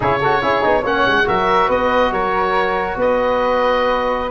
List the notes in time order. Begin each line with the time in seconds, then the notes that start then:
0.00 C#3 E4 G#4 C#5
0.20 F#4 A4
0.42 C#4 E4 G#4
0.62 B3 D#4
0.81 A#3 C#4 C#5 F#5
1.07 G#3
1.24 F#3 F#4 A#4 E5
1.67 B3 B4 D#5
2.11 F#3 A#4 C#5
2.96 B3 B4 D#5